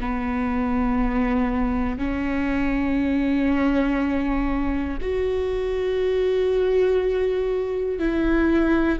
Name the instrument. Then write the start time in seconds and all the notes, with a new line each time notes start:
viola
0.00 B3
1.98 C#4
5.01 F#4
7.99 E4